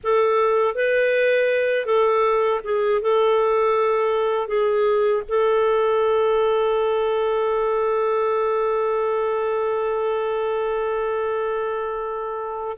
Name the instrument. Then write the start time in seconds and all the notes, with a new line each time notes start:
clarinet
0.03 A4
0.75 B4
1.85 A4
2.64 G#4
3.01 A4
4.47 G#4
5.28 A4